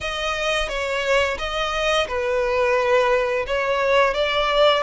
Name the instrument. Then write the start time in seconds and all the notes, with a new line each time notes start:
violin
0.01 D#5
0.68 C#5
1.38 D#5
2.07 B4
3.47 C#5
4.14 D5